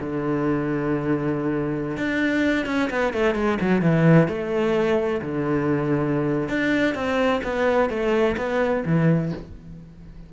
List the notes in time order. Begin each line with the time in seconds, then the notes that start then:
0.00 D3
1.97 D4
2.66 C#4
2.90 B3
3.13 A3
3.34 G#3
3.60 F#3
3.81 E3
4.28 A3
5.21 D3
6.48 D4
6.95 C4
7.44 B3
7.89 A3
8.37 B3
8.85 E3